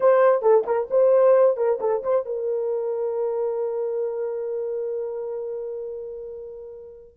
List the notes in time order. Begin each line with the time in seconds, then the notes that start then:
0.00 C5
0.42 A4
0.66 A#4
0.90 C5
1.57 A#4
1.80 A4
2.03 C5
2.25 A#4